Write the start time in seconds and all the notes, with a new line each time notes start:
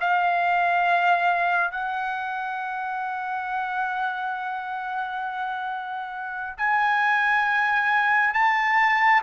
0.00 F5
1.70 F#5
6.57 G#5
8.33 A5